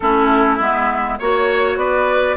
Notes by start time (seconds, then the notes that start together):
0.00 A3 C#4 E4 A4
0.57 G#3 B3 E5
1.18 A#3 F#4 C#5
1.76 B3 B4 D5